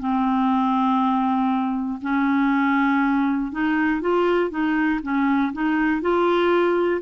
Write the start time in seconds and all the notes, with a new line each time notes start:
0.00 C4
2.02 C#4
3.52 D#4
4.02 F4
4.50 D#4
5.03 C#4
5.54 D#4
6.02 F4